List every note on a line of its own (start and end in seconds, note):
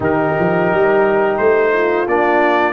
0.00 0.33 D#3
0.00 2.06 D#4
0.00 1.72 G4
0.00 1.37 A#4
0.39 0.71 F3
0.71 1.39 G3
1.37 2.07 A3
1.37 2.06 C5
1.73 2.73 F4
2.07 2.73 A#3
2.07 2.73 D4
2.07 2.73 D5